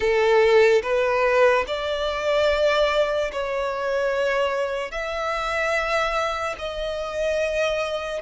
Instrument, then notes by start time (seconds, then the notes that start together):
violin
0.00 A4
0.82 B4
1.67 D5
3.31 C#5
4.91 E5
6.58 D#5